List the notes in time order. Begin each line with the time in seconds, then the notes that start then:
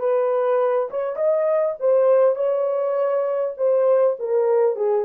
0.00 B4
0.91 C#5
1.16 D#5
1.80 C5
2.36 C#5
3.58 C5
4.20 A#4
4.77 G#4